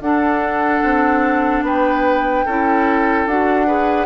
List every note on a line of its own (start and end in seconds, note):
0.00 0.81 D4
0.00 2.45 D4
0.00 1.64 A4
0.00 1.63 F#5
0.83 1.62 C4
1.62 2.43 B3
1.62 2.45 B4
1.62 3.28 G5
2.45 3.26 C#4
2.45 3.28 E4
2.45 3.66 A4
3.26 4.06 D4
3.26 3.66 F#4
3.26 4.06 F#5
3.66 4.06 G#4
3.66 4.06 B4